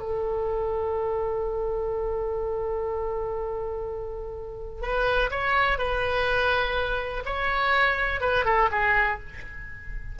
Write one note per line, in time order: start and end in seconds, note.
0.00 4.82 A4
4.82 5.31 B4
5.31 5.79 C#5
5.79 7.24 B4
7.26 8.21 C#5
8.21 8.45 B4
8.46 8.70 A4
8.72 9.20 G#4